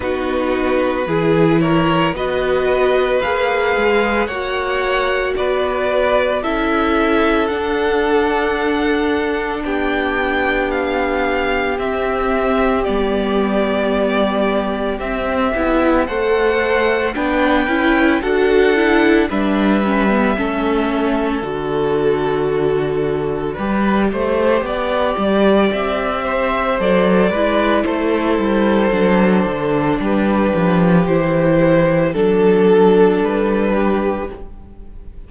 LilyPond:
<<
  \new Staff \with { instrumentName = "violin" } { \time 4/4 \tempo 4 = 56 b'4. cis''8 dis''4 f''4 | fis''4 d''4 e''4 fis''4~ | fis''4 g''4 f''4 e''4 | d''2 e''4 fis''4 |
g''4 fis''4 e''2 | d''1 | e''4 d''4 c''2 | b'4 c''4 a'4 b'4 | }
  \new Staff \with { instrumentName = "violin" } { \time 4/4 fis'4 gis'8 ais'8 b'2 | cis''4 b'4 a'2~ | a'4 g'2.~ | g'2. c''4 |
b'4 a'4 b'4 a'4~ | a'2 b'8 c''8 d''4~ | d''8 c''4 b'8 a'2 | g'2 a'4. g'8 | }
  \new Staff \with { instrumentName = "viola" } { \time 4/4 dis'4 e'4 fis'4 gis'4 | fis'2 e'4 d'4~ | d'2. c'4 | b2 c'8 e'8 a'4 |
d'8 e'8 fis'8 e'8 d'8 cis'16 b16 cis'4 | fis'2 g'2~ | g'4 a'8 e'4. d'4~ | d'4 e'4 d'2 | }
  \new Staff \with { instrumentName = "cello" } { \time 4/4 b4 e4 b4 ais8 gis8 | ais4 b4 cis'4 d'4~ | d'4 b2 c'4 | g2 c'8 b8 a4 |
b8 cis'8 d'4 g4 a4 | d2 g8 a8 b8 g8 | c'4 fis8 gis8 a8 g8 fis8 d8 | g8 f8 e4 fis4 g4 | }
>>